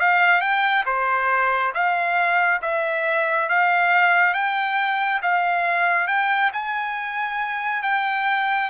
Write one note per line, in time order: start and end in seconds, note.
0.00 0.41 F5
0.41 0.85 G5
0.86 1.73 C5
1.74 2.61 F5
2.62 3.49 E5
3.49 4.34 F5
4.34 5.21 G5
5.22 6.08 F5
6.08 6.51 G5
6.53 7.83 G#5
7.83 8.70 G5